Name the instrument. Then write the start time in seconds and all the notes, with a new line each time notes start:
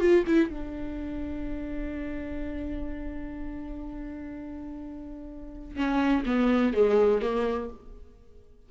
viola
0.00 F4
0.27 E4
0.50 D4
5.76 C#4
6.26 B3
6.74 G#3
7.22 A#3